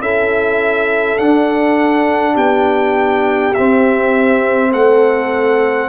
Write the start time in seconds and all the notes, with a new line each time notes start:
0.00 C#4 E4 A4 E5
1.18 D4 F#5
2.34 B3 G4 G5
3.54 C4 E5
4.71 A3 A4 F#5